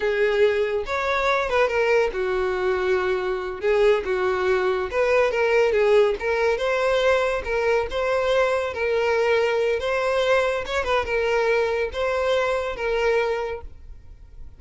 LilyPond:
\new Staff \with { instrumentName = "violin" } { \time 4/4 \tempo 4 = 141 gis'2 cis''4. b'8 | ais'4 fis'2.~ | fis'8 gis'4 fis'2 b'8~ | b'8 ais'4 gis'4 ais'4 c''8~ |
c''4. ais'4 c''4.~ | c''8 ais'2~ ais'8 c''4~ | c''4 cis''8 b'8 ais'2 | c''2 ais'2 | }